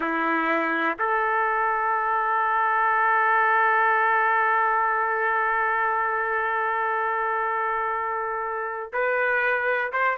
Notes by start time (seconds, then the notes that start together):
0.00 E4
0.98 A4
8.93 B4
9.92 C5